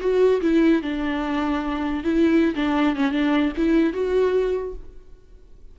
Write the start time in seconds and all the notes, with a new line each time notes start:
0.00 F#4
0.41 E4
0.82 D4
2.03 E4
2.55 D4
2.95 C#4
3.11 D4
3.57 E4
3.93 F#4